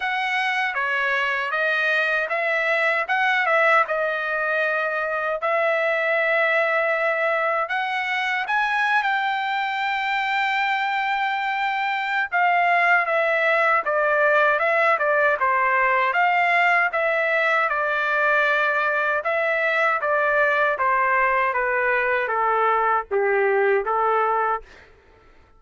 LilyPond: \new Staff \with { instrumentName = "trumpet" } { \time 4/4 \tempo 4 = 78 fis''4 cis''4 dis''4 e''4 | fis''8 e''8 dis''2 e''4~ | e''2 fis''4 gis''8. g''16~ | g''1 |
f''4 e''4 d''4 e''8 d''8 | c''4 f''4 e''4 d''4~ | d''4 e''4 d''4 c''4 | b'4 a'4 g'4 a'4 | }